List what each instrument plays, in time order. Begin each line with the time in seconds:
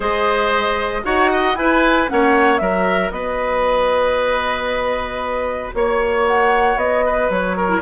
0.00 bassoon G#3, clarinet G#4, oboe C5, flute D#5
1.03 bassoon D#4, clarinet F#4, oboe C#5, flute F#5
1.31 oboe D#5
1.54 bassoon E4, clarinet E4, oboe B4, flute G#5
2.07 bassoon A#3, clarinet C#4, oboe C#5, flute F#5
2.57 bassoon F#3, clarinet F#4, oboe A#4, flute E5
3.10 bassoon B3, oboe B4, flute D#5
5.73 bassoon A#3, flute C#5, oboe C#5
6.26 flute F#5
6.76 bassoon B3, flute D#5
7.05 oboe B4
7.29 bassoon F#3, flute C#5
7.56 oboe A#4
7.67 clarinet E4